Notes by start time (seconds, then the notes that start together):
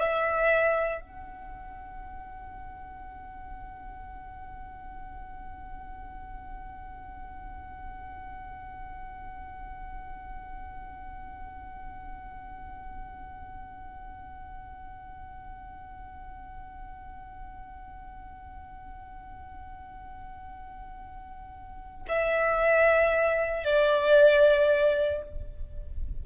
0.00 E5
1.01 F#5
22.09 E5
23.65 D5